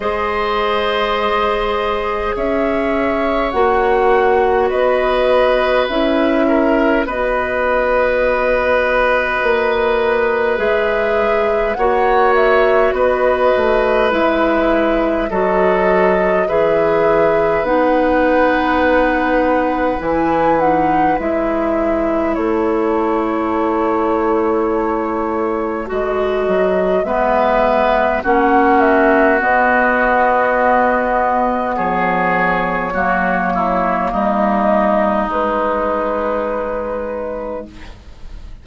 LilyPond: <<
  \new Staff \with { instrumentName = "flute" } { \time 4/4 \tempo 4 = 51 dis''2 e''4 fis''4 | dis''4 e''4 dis''2~ | dis''4 e''4 fis''8 e''8 dis''4 | e''4 dis''4 e''4 fis''4~ |
fis''4 gis''8 fis''8 e''4 cis''4~ | cis''2 dis''4 e''4 | fis''8 e''8 dis''2 cis''4~ | cis''4 dis''4 b'2 | }
  \new Staff \with { instrumentName = "oboe" } { \time 4/4 c''2 cis''2 | b'4. ais'8 b'2~ | b'2 cis''4 b'4~ | b'4 a'4 b'2~ |
b'2. a'4~ | a'2. b'4 | fis'2. gis'4 | fis'8 e'8 dis'2. | }
  \new Staff \with { instrumentName = "clarinet" } { \time 4/4 gis'2. fis'4~ | fis'4 e'4 fis'2~ | fis'4 gis'4 fis'2 | e'4 fis'4 gis'4 dis'4~ |
dis'4 e'8 dis'8 e'2~ | e'2 fis'4 b4 | cis'4 b2. | ais2 gis2 | }
  \new Staff \with { instrumentName = "bassoon" } { \time 4/4 gis2 cis'4 ais4 | b4 cis'4 b2 | ais4 gis4 ais4 b8 a8 | gis4 fis4 e4 b4~ |
b4 e4 gis4 a4~ | a2 gis8 fis8 gis4 | ais4 b2 f4 | fis4 g4 gis2 | }
>>